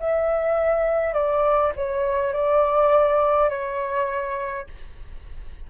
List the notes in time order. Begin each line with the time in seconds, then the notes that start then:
0.00 E5
1.13 D5
1.76 C#5
2.33 D5
3.50 C#5